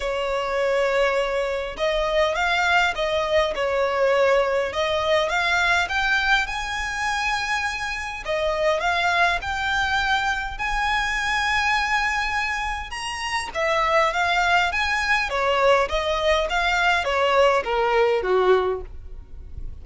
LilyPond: \new Staff \with { instrumentName = "violin" } { \time 4/4 \tempo 4 = 102 cis''2. dis''4 | f''4 dis''4 cis''2 | dis''4 f''4 g''4 gis''4~ | gis''2 dis''4 f''4 |
g''2 gis''2~ | gis''2 ais''4 e''4 | f''4 gis''4 cis''4 dis''4 | f''4 cis''4 ais'4 fis'4 | }